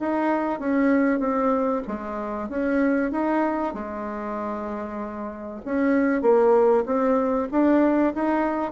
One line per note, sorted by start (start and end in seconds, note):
0.00 0.60 D#4
0.60 1.20 C#4
1.20 1.82 C4
1.88 2.49 G#3
2.49 3.12 C#4
3.12 3.74 D#4
3.74 5.62 G#3
5.65 6.22 C#4
6.22 6.84 A#3
6.86 7.49 C4
7.52 8.14 D4
8.15 8.72 D#4